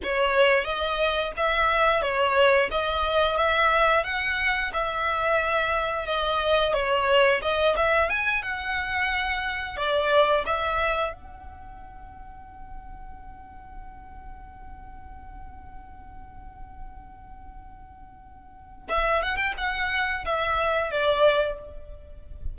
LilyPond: \new Staff \with { instrumentName = "violin" } { \time 4/4 \tempo 4 = 89 cis''4 dis''4 e''4 cis''4 | dis''4 e''4 fis''4 e''4~ | e''4 dis''4 cis''4 dis''8 e''8 | gis''8 fis''2 d''4 e''8~ |
e''8 fis''2.~ fis''8~ | fis''1~ | fis''1 | e''8 fis''16 g''16 fis''4 e''4 d''4 | }